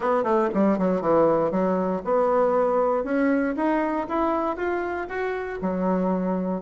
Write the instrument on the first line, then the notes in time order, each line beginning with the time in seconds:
bassoon
0.00 B3
0.23 A3
0.54 G3
0.78 F#3
1.01 E3
1.51 F#3
2.04 B3
3.04 C#4
3.56 D#4
4.08 E4
4.56 F4
5.08 F#4
5.61 F#3